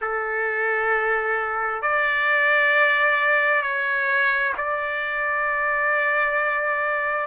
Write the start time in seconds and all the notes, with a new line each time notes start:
0.01 A4
1.81 D5
3.62 C#5
4.57 D5